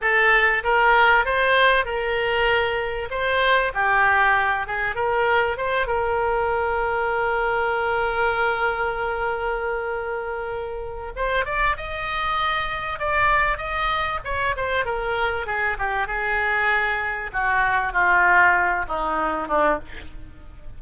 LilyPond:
\new Staff \with { instrumentName = "oboe" } { \time 4/4 \tempo 4 = 97 a'4 ais'4 c''4 ais'4~ | ais'4 c''4 g'4. gis'8 | ais'4 c''8 ais'2~ ais'8~ | ais'1~ |
ais'2 c''8 d''8 dis''4~ | dis''4 d''4 dis''4 cis''8 c''8 | ais'4 gis'8 g'8 gis'2 | fis'4 f'4. dis'4 d'8 | }